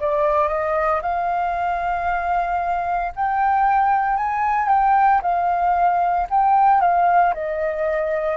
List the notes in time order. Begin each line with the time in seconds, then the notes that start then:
0.00 D5
0.48 D#5
1.02 F5
3.16 G5
4.17 G#5
4.69 G5
5.22 F5
6.30 G5
6.81 F5
7.34 D#5